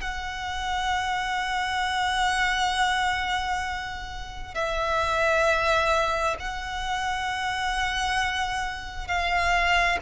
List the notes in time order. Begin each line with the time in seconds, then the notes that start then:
0.00 F#5
4.55 E5
6.39 F#5
9.07 F5